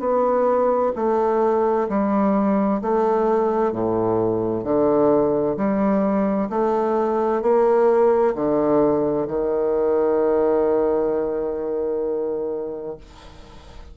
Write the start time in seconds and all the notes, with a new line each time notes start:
0.00 B3
0.96 A3
1.89 G3
2.82 A3
3.72 A2
4.64 D3
5.57 G3
6.50 A3
7.42 A#3
8.35 D3
9.28 D#3